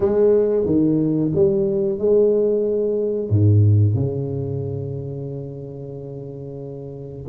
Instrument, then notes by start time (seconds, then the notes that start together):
tuba
0.00 G#3
0.65 D#3
1.35 G3
1.98 G#3
3.29 G#2
3.94 C#3